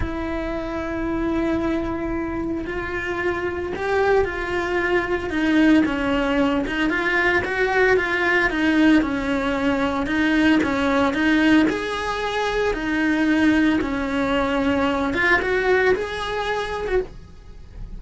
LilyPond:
\new Staff \with { instrumentName = "cello" } { \time 4/4 \tempo 4 = 113 e'1~ | e'4 f'2 g'4 | f'2 dis'4 cis'4~ | cis'8 dis'8 f'4 fis'4 f'4 |
dis'4 cis'2 dis'4 | cis'4 dis'4 gis'2 | dis'2 cis'2~ | cis'8 f'8 fis'4 gis'4.~ gis'16 fis'16 | }